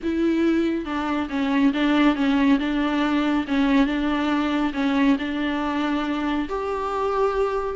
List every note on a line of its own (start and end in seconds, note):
0.03 0.85 E4
0.85 1.28 D4
1.29 1.72 C#4
1.73 2.15 D4
2.15 2.59 C#4
2.59 3.45 D4
3.47 3.86 C#4
3.86 4.72 D4
4.73 5.16 C#4
5.18 6.48 D4
6.48 7.75 G4